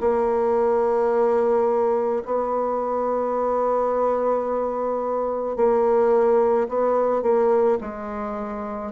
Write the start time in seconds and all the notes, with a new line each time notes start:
0.00 A#3
2.25 B3
5.56 A#3
6.68 B3
7.22 A#3
7.80 G#3